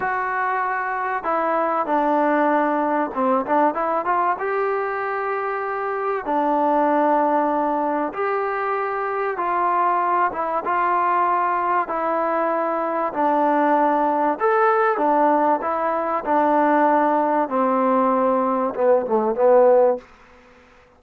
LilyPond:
\new Staff \with { instrumentName = "trombone" } { \time 4/4 \tempo 4 = 96 fis'2 e'4 d'4~ | d'4 c'8 d'8 e'8 f'8 g'4~ | g'2 d'2~ | d'4 g'2 f'4~ |
f'8 e'8 f'2 e'4~ | e'4 d'2 a'4 | d'4 e'4 d'2 | c'2 b8 a8 b4 | }